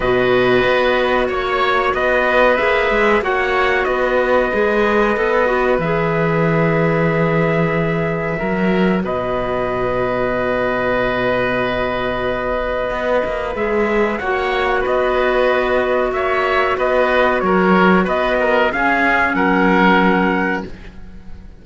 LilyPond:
<<
  \new Staff \with { instrumentName = "trumpet" } { \time 4/4 \tempo 4 = 93 dis''2 cis''4 dis''4 | e''4 fis''4 dis''2~ | dis''4 e''2.~ | e''2 dis''2~ |
dis''1~ | dis''4 e''4 fis''4 dis''4~ | dis''4 e''4 dis''4 cis''4 | dis''4 f''4 fis''2 | }
  \new Staff \with { instrumentName = "oboe" } { \time 4/4 b'2 cis''4 b'4~ | b'4 cis''4 b'2~ | b'1~ | b'4 ais'4 b'2~ |
b'1~ | b'2 cis''4 b'4~ | b'4 cis''4 b'4 ais'4 | b'8 ais'8 gis'4 ais'2 | }
  \new Staff \with { instrumentName = "clarinet" } { \time 4/4 fis'1 | gis'4 fis'2 gis'4 | a'8 fis'8 gis'2.~ | gis'4 fis'2.~ |
fis'1~ | fis'4 gis'4 fis'2~ | fis'1~ | fis'4 cis'2. | }
  \new Staff \with { instrumentName = "cello" } { \time 4/4 b,4 b4 ais4 b4 | ais8 gis8 ais4 b4 gis4 | b4 e2.~ | e4 fis4 b,2~ |
b,1 | b8 ais8 gis4 ais4 b4~ | b4 ais4 b4 fis4 | b4 cis'4 fis2 | }
>>